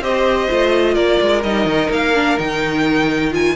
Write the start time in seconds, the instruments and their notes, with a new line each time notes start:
0.00 cello C4, viola G4, violin C5 D#5
0.48 cello A3, viola F4
0.94 cello A#3, violin A#4 D5
1.20 cello G#3
1.43 cello G3, viola D#4, violin D#5
1.65 cello D#3
1.90 cello A#3, violin F5
2.14 viola D4
2.37 cello D#3, viola D#4, violin G5
3.31 viola F4, violin G#5